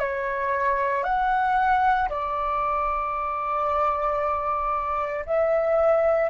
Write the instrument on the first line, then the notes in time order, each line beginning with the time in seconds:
flute
0.00 C#5
1.03 F#5
2.10 D5
5.26 E5